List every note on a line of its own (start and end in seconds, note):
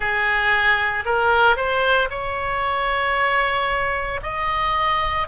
0.00 1.04 G#4
1.05 1.56 A#4
1.56 2.09 C5
2.10 4.20 C#5
4.22 5.27 D#5